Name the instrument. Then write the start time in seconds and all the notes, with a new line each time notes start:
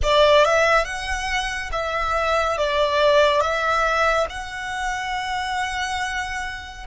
violin
0.02 D5
0.44 E5
0.84 F#5
1.71 E5
2.57 D5
3.41 E5
4.29 F#5